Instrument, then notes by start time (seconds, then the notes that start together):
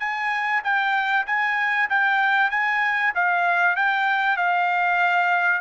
trumpet
0.00 G#5
0.64 G5
1.27 G#5
1.90 G5
2.51 G#5
3.15 F5
3.76 G5
4.37 F5